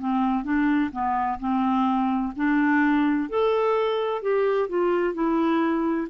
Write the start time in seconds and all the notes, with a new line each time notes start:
0.00 C4
0.44 D4
0.92 B3
1.40 C4
2.37 D4
3.29 A4
4.22 G4
4.69 F4
5.14 E4